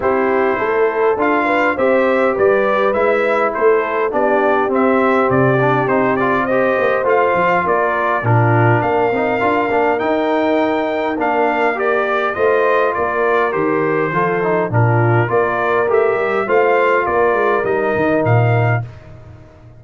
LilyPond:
<<
  \new Staff \with { instrumentName = "trumpet" } { \time 4/4 \tempo 4 = 102 c''2 f''4 e''4 | d''4 e''4 c''4 d''4 | e''4 d''4 c''8 d''8 dis''4 | f''4 d''4 ais'4 f''4~ |
f''4 g''2 f''4 | d''4 dis''4 d''4 c''4~ | c''4 ais'4 d''4 e''4 | f''4 d''4 dis''4 f''4 | }
  \new Staff \with { instrumentName = "horn" } { \time 4/4 g'4 a'4. b'8 c''4 | b'2 a'4 g'4~ | g'2. c''4~ | c''4 ais'4 f'4 ais'4~ |
ais'1~ | ais'4 c''4 ais'2 | a'4 f'4 ais'2 | c''4 ais'2. | }
  \new Staff \with { instrumentName = "trombone" } { \time 4/4 e'2 f'4 g'4~ | g'4 e'2 d'4 | c'4. d'8 dis'8 f'8 g'4 | f'2 d'4. dis'8 |
f'8 d'8 dis'2 d'4 | g'4 f'2 g'4 | f'8 dis'8 d'4 f'4 g'4 | f'2 dis'2 | }
  \new Staff \with { instrumentName = "tuba" } { \time 4/4 c'4 a4 d'4 c'4 | g4 gis4 a4 b4 | c'4 c4 c'4. ais8 | a8 f8 ais4 ais,4 ais8 c'8 |
d'8 ais8 dis'2 ais4~ | ais4 a4 ais4 dis4 | f4 ais,4 ais4 a8 g8 | a4 ais8 gis8 g8 dis8 ais,4 | }
>>